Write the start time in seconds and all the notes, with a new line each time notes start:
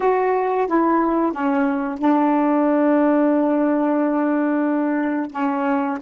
0.00 F#4
0.67 E4
1.32 C#4
1.98 D4
5.31 C#4